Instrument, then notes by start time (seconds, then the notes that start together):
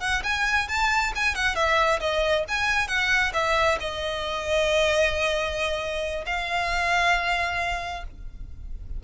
violin
0.00 F#5
0.23 G#5
0.68 A5
1.15 G#5
1.35 F#5
1.55 E5
2.00 D#5
2.48 G#5
2.87 F#5
3.33 E5
3.80 D#5
6.26 F5